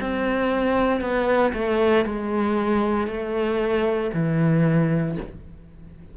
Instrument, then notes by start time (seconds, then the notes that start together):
cello
0.00 C4
1.01 B3
1.53 A3
2.05 G#3
3.07 A3
4.13 E3